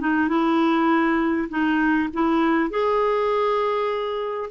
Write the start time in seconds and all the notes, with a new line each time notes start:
0.00 D#4
0.28 E4
1.49 D#4
2.13 E4
2.70 G#4